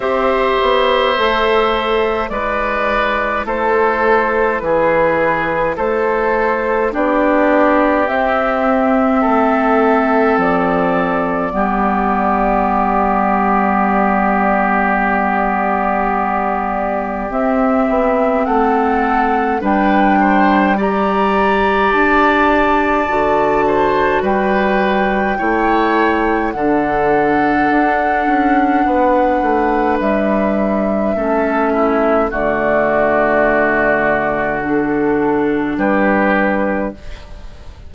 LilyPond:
<<
  \new Staff \with { instrumentName = "flute" } { \time 4/4 \tempo 4 = 52 e''2 d''4 c''4 | b'4 c''4 d''4 e''4~ | e''4 d''2.~ | d''2. e''4 |
fis''4 g''4 ais''4 a''4~ | a''4 g''2 fis''4~ | fis''2 e''2 | d''2 a'4 b'4 | }
  \new Staff \with { instrumentName = "oboe" } { \time 4/4 c''2 b'4 a'4 | gis'4 a'4 g'2 | a'2 g'2~ | g'1 |
a'4 b'8 c''8 d''2~ | d''8 c''8 b'4 cis''4 a'4~ | a'4 b'2 a'8 e'8 | fis'2. g'4 | }
  \new Staff \with { instrumentName = "clarinet" } { \time 4/4 g'4 a'4 e'2~ | e'2 d'4 c'4~ | c'2 b2~ | b2. c'4~ |
c'4 d'4 g'2 | fis'2 e'4 d'4~ | d'2. cis'4 | a2 d'2 | }
  \new Staff \with { instrumentName = "bassoon" } { \time 4/4 c'8 b8 a4 gis4 a4 | e4 a4 b4 c'4 | a4 f4 g2~ | g2. c'8 b8 |
a4 g2 d'4 | d4 g4 a4 d4 | d'8 cis'8 b8 a8 g4 a4 | d2. g4 | }
>>